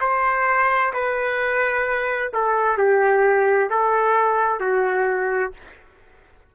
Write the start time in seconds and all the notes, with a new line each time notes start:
0.00 C5
0.93 B4
2.33 A4
2.77 G4
3.70 A4
4.59 F#4